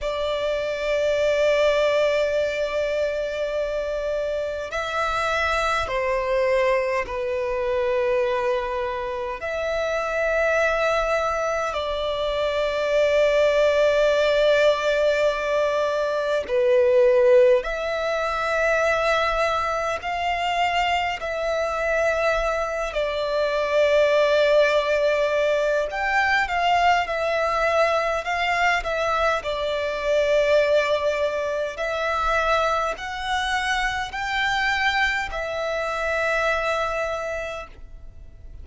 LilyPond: \new Staff \with { instrumentName = "violin" } { \time 4/4 \tempo 4 = 51 d''1 | e''4 c''4 b'2 | e''2 d''2~ | d''2 b'4 e''4~ |
e''4 f''4 e''4. d''8~ | d''2 g''8 f''8 e''4 | f''8 e''8 d''2 e''4 | fis''4 g''4 e''2 | }